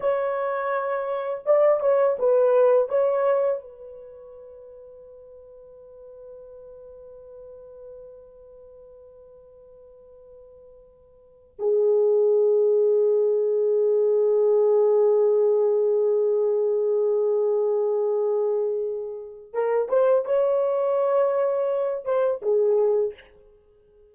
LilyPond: \new Staff \with { instrumentName = "horn" } { \time 4/4 \tempo 4 = 83 cis''2 d''8 cis''8 b'4 | cis''4 b'2.~ | b'1~ | b'1 |
gis'1~ | gis'1~ | gis'2. ais'8 c''8 | cis''2~ cis''8 c''8 gis'4 | }